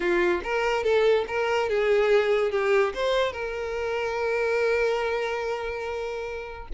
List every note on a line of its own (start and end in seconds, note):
0.00 0.41 F4
0.43 0.83 A#4
0.83 1.25 A4
1.27 1.69 A#4
1.69 2.51 G#4
2.51 2.93 G4
2.94 3.32 C5
3.32 6.68 A#4